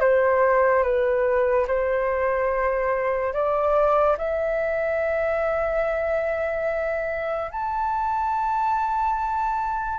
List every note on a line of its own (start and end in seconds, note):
0.00 0.83 C5
0.83 1.66 B4
1.67 3.33 C5
3.33 4.16 D5
4.17 7.50 E5
7.50 9.98 A5